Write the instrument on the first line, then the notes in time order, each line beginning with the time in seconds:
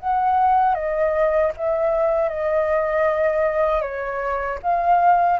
flute
0.00 F#5
0.75 D#5
1.57 E5
2.29 D#5
3.82 C#5
4.63 F5